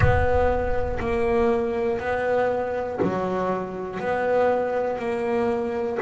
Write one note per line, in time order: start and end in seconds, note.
0.00 0.98 B3
0.99 1.99 A#3
1.99 2.99 B3
3.02 3.99 F#3
3.99 4.99 B3
4.99 5.99 A#3